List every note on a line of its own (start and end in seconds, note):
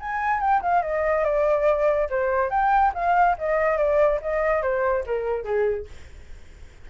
0.00 0.40 G#5
0.40 0.61 G5
0.62 0.82 F5
0.82 1.24 D#5
1.24 2.09 D5
2.10 2.50 C5
2.50 2.92 G5
2.94 3.37 F5
3.38 3.78 D#5
3.78 4.20 D5
4.22 4.62 D#5
4.62 5.04 C5
5.06 5.44 A#4
5.44 5.86 G#4